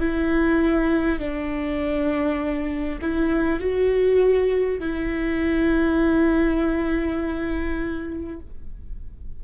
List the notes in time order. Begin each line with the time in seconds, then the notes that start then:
0.00 E4
1.19 D4
3.02 E4
3.60 F#4
4.80 E4